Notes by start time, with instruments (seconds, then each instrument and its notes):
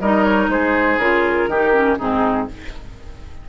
0.00 bassoon G3, clarinet D#4, oboe A#4, flute D#5
0.24 flute C#5
0.48 bassoon G#3, oboe G#4, flute C5
0.98 bassoon C#3, clarinet F4, flute A#4
1.48 bassoon D#3, clarinet D#4, oboe G4
1.73 clarinet C#4
1.98 bassoon G#2, clarinet C4, oboe D#4, flute G#4